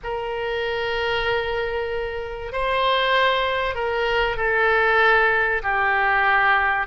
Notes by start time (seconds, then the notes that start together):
0.03 A#4
2.52 C5
3.74 A#4
4.36 A4
5.62 G4